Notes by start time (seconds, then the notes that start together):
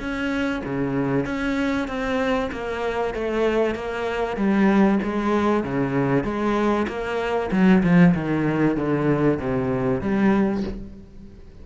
0.00 C#4
0.65 C#3
1.26 C#4
1.88 C4
2.52 A#3
3.14 A3
3.75 A#3
4.37 G3
5.03 G#3
5.64 C#3
6.24 G#3
6.88 A#3
7.52 F#3
7.83 F3
8.15 D#3
8.77 D3
9.39 C3
10.01 G3